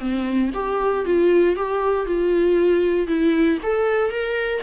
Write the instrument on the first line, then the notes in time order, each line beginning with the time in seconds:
viola
0.00 C4
0.54 G4
1.05 F4
1.56 G4
2.06 F4
3.07 E4
3.63 A4
4.11 A#4